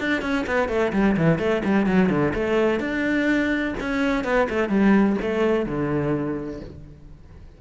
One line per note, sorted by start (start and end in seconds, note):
0.00 0.22 D4
0.22 0.45 C#4
0.47 0.69 B3
0.69 0.92 A3
0.93 1.16 G3
1.17 1.39 E3
1.39 1.62 A3
1.64 1.86 G3
1.86 2.09 F#3
2.09 2.33 D3
2.34 2.80 A3
2.80 3.74 D4
3.80 4.24 C#4
4.24 4.48 B3
4.49 4.69 A3
4.69 5.16 G3
5.22 5.66 A3
5.66 6.61 D3